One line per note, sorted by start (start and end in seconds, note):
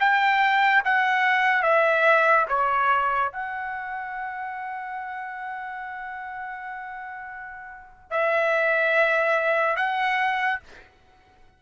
0.00 0.83 G5
0.85 1.63 F#5
1.63 2.47 E5
2.49 3.33 C#5
3.33 8.11 F#5
8.11 9.77 E5
9.77 10.60 F#5